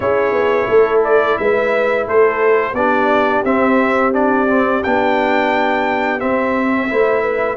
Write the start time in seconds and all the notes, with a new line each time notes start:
0.00 C#4 E4 G#4 C#5
0.32 B3
0.67 A3 A4
1.04 D5
1.38 G#3 B4 E5
2.06 A3 A4 C5
2.73 B3 D4 G4 D5
3.44 C4 E5
4.12 D4 D5
4.47 C4
4.83 B3 D4 G5
6.19 C4 E5
6.88 A3 E4 C5
7.23 B4